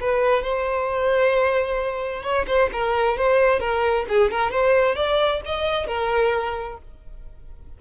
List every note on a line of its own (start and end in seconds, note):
0.00 0.43 B4
0.43 2.23 C5
2.23 2.45 C#5
2.46 2.69 C5
2.72 3.17 A#4
3.17 3.60 C5
3.60 4.05 A#4
4.08 4.31 G#4
4.31 4.51 A#4
4.51 4.95 C5
4.95 5.40 D5
5.45 5.86 D#5
5.86 6.77 A#4